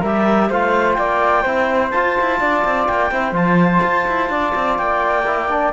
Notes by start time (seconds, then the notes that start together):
0.00 G3 G4 A#4 E5
0.49 A3 F4 C5 F5
0.93 A#3 D5 G5
1.42 C4 E4 C5
1.90 F4 A5
2.20 E4
2.40 D4 D5
2.64 C4
2.86 A#3 G5
3.11 C4 E4 C5
3.32 F3 F4 A5
3.83 F4
4.07 E4
4.29 D4 D5
4.55 C4
4.77 A#3 G5
5.26 E4
5.49 D4